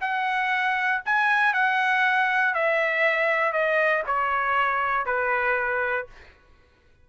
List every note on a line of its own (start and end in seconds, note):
0.00 1.01 F#5
1.05 1.53 G#5
1.53 2.53 F#5
2.53 3.52 E5
3.52 4.03 D#5
4.06 5.06 C#5
5.06 6.06 B4